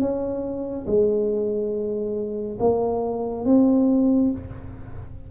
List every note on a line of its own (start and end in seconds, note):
0.00 0.86 C#4
0.86 2.58 G#3
2.59 3.45 A#3
3.45 4.31 C4